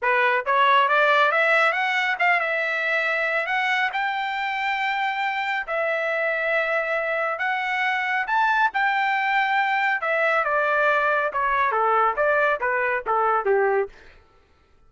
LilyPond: \new Staff \with { instrumentName = "trumpet" } { \time 4/4 \tempo 4 = 138 b'4 cis''4 d''4 e''4 | fis''4 f''8 e''2~ e''8 | fis''4 g''2.~ | g''4 e''2.~ |
e''4 fis''2 a''4 | g''2. e''4 | d''2 cis''4 a'4 | d''4 b'4 a'4 g'4 | }